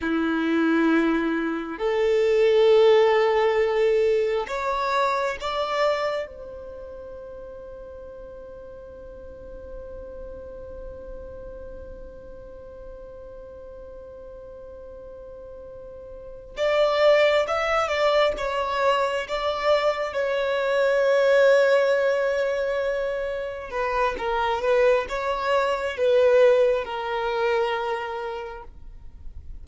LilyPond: \new Staff \with { instrumentName = "violin" } { \time 4/4 \tempo 4 = 67 e'2 a'2~ | a'4 cis''4 d''4 c''4~ | c''1~ | c''1~ |
c''2~ c''8 d''4 e''8 | d''8 cis''4 d''4 cis''4.~ | cis''2~ cis''8 b'8 ais'8 b'8 | cis''4 b'4 ais'2 | }